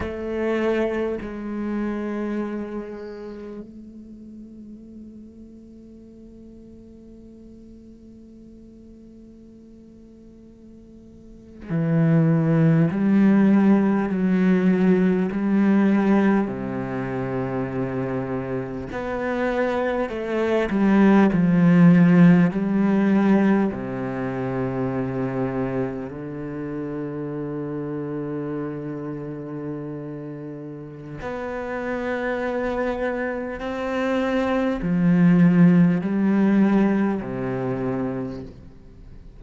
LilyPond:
\new Staff \with { instrumentName = "cello" } { \time 4/4 \tempo 4 = 50 a4 gis2 a4~ | a1~ | a4.~ a16 e4 g4 fis16~ | fis8. g4 c2 b16~ |
b8. a8 g8 f4 g4 c16~ | c4.~ c16 d2~ d16~ | d2 b2 | c'4 f4 g4 c4 | }